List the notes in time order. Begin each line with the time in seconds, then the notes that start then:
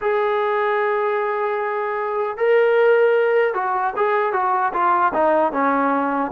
0.01 G#4
2.37 A#4
3.53 F#4
3.96 G#4
4.32 F#4
4.73 F4
5.13 D#4
5.52 C#4